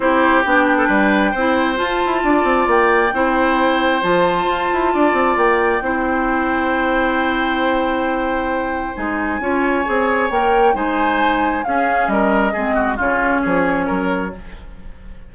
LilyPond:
<<
  \new Staff \with { instrumentName = "flute" } { \time 4/4 \tempo 4 = 134 c''4 g''2. | a''2 g''2~ | g''4 a''2. | g''1~ |
g''1 | gis''2. g''4 | gis''2 f''4 dis''4~ | dis''4 cis''2. | }
  \new Staff \with { instrumentName = "oboe" } { \time 4/4 g'4.~ g'16 a'16 b'4 c''4~ | c''4 d''2 c''4~ | c''2. d''4~ | d''4 c''2.~ |
c''1~ | c''4 cis''2. | c''2 gis'4 ais'4 | gis'8 fis'8 f'4 gis'4 ais'4 | }
  \new Staff \with { instrumentName = "clarinet" } { \time 4/4 e'4 d'2 e'4 | f'2. e'4~ | e'4 f'2.~ | f'4 e'2.~ |
e'1 | dis'4 f'4 gis'4 ais'4 | dis'2 cis'2 | c'4 cis'2. | }
  \new Staff \with { instrumentName = "bassoon" } { \time 4/4 c'4 b4 g4 c'4 | f'8 e'8 d'8 c'8 ais4 c'4~ | c'4 f4 f'8 e'8 d'8 c'8 | ais4 c'2.~ |
c'1 | gis4 cis'4 c'4 ais4 | gis2 cis'4 g4 | gis4 cis4 f4 fis4 | }
>>